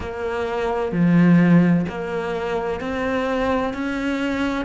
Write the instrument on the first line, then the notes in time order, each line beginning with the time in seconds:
cello
0.00 A#3
0.92 F3
1.88 A#3
2.80 C4
3.73 C#4